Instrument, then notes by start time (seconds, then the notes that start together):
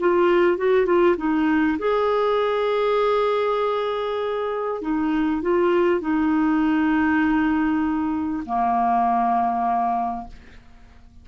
clarinet
0.00 F4
0.58 F#4
0.86 F4
1.17 D#4
1.79 G#4
4.82 D#4
5.42 F4
6.01 D#4
8.46 A#3